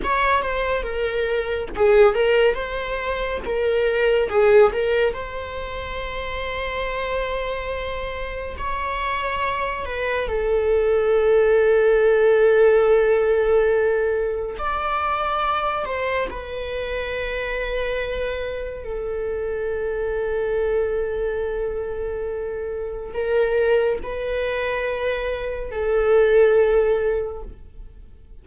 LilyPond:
\new Staff \with { instrumentName = "viola" } { \time 4/4 \tempo 4 = 70 cis''8 c''8 ais'4 gis'8 ais'8 c''4 | ais'4 gis'8 ais'8 c''2~ | c''2 cis''4. b'8 | a'1~ |
a'4 d''4. c''8 b'4~ | b'2 a'2~ | a'2. ais'4 | b'2 a'2 | }